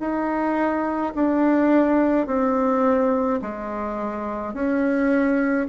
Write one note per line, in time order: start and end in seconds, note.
0.00 1.13 D#4
1.15 2.26 D4
2.26 3.40 C4
3.42 4.54 G#3
4.54 5.67 C#4